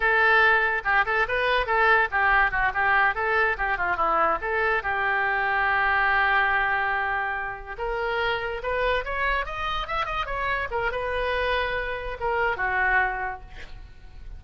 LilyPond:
\new Staff \with { instrumentName = "oboe" } { \time 4/4 \tempo 4 = 143 a'2 g'8 a'8 b'4 | a'4 g'4 fis'8 g'4 a'8~ | a'8 g'8 f'8 e'4 a'4 g'8~ | g'1~ |
g'2~ g'8 ais'4.~ | ais'8 b'4 cis''4 dis''4 e''8 | dis''8 cis''4 ais'8 b'2~ | b'4 ais'4 fis'2 | }